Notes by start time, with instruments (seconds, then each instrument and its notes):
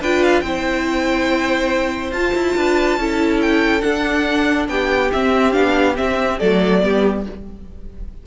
0.00 cello D4, viola F4, violin B4 G5
0.23 violin F5
0.40 cello C4, viola E4, violin C5 G5
2.11 cello F4, viola F4, violin A5
2.34 cello E4
2.56 cello D4, violin B4
2.97 cello C#4, viola E4, violin A4
3.41 violin G5
3.80 viola D4, cello D4, violin F#5
4.68 cello B3, violin G4 G5
5.12 viola C4, cello C4, violin E5
5.52 cello B3, viola D4, violin F5
5.95 viola C4, cello C4, violin E5
6.38 cello F#3, viola A3, violin A4 D5
6.81 cello G3, viola B3, violin G4